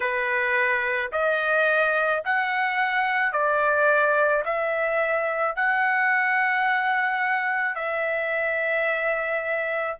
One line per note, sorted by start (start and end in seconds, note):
0.00 1.11 B4
1.12 2.23 D#5
2.25 3.32 F#5
3.32 4.43 D5
4.45 5.56 E5
5.56 7.75 F#5
7.75 9.97 E5